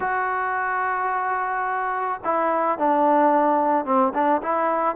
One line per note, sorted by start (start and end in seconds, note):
0.00 2.20 F#4
2.24 2.78 E4
2.78 3.85 D4
3.85 4.12 C4
4.14 4.41 D4
4.42 4.95 E4